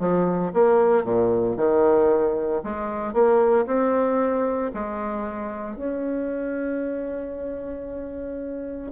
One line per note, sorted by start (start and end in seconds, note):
0.00 0.53 F3
0.54 1.05 A#3
1.05 1.57 A#2
1.57 2.62 D#3
2.64 3.14 G#3
3.14 3.67 A#3
3.67 4.72 C4
4.74 5.77 G#3
5.77 8.92 C#4